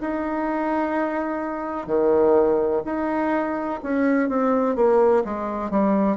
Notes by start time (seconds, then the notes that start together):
0.00 D#4
1.87 D#3
2.85 D#4
3.83 C#4
4.29 C4
4.75 A#3
5.24 G#3
5.70 G3